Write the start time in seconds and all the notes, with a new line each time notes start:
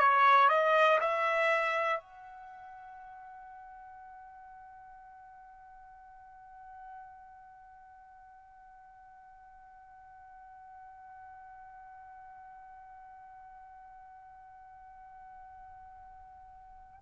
0.00 C#5
0.50 D#5
1.01 E5
2.01 F#5